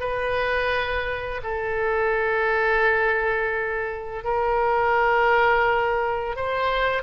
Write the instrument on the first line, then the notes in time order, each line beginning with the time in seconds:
oboe
0.00 B4
1.43 A4
4.24 A#4
6.36 C5